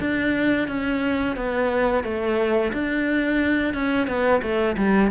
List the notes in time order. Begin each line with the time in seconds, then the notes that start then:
0.00 D4
0.68 C#4
1.36 B3
2.04 A3
2.72 D4
3.74 C#4
4.07 B3
4.42 A3
4.77 G3